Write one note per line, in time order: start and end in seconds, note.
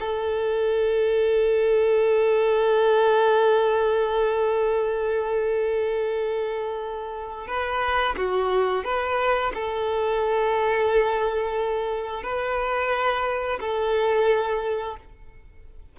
0.00 7.48 A4
7.48 8.16 B4
8.17 8.85 F#4
8.85 9.53 B4
9.54 12.23 A4
12.23 13.60 B4
13.61 14.97 A4